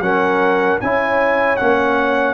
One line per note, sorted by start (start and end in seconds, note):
0.00 0.78 F#3
0.00 0.80 C#4
0.00 0.81 A#4
0.00 0.80 F#5
0.80 1.60 C#4
0.80 1.57 E4
0.80 2.34 C#5
0.80 1.56 G#5
1.56 2.34 A#3
1.56 2.34 C#4
1.56 2.34 F#5